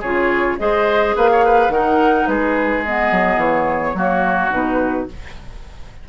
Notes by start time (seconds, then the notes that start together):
0.00 C#3 F4 G#4 C#5
0.59 G#3 G#4 C5 D#5
1.16 A#3 B4 F5
1.32 C#5
1.45 B4
1.68 D#3 D#4 A#4 F#5
2.27 G#3 G#4 B4
2.85 B3 D#5
3.11 F#3
3.36 E3 C#5
3.94 F#3 A#3 F#4
4.50 B2 D#4 B4